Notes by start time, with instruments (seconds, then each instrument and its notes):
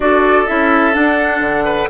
0.00 bassoon D4, clarinet F#4, oboe A4, flute D5
0.46 bassoon C#4, clarinet E4, flute E5
0.92 clarinet D4, bassoon D4, flute F#5
1.40 bassoon D3
1.64 oboe B4